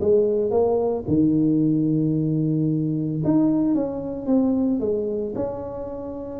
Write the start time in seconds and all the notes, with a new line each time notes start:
0.00 G#3
0.50 A#3
1.07 D#3
3.24 D#4
3.74 C#4
4.26 C4
4.79 G#3
5.35 C#4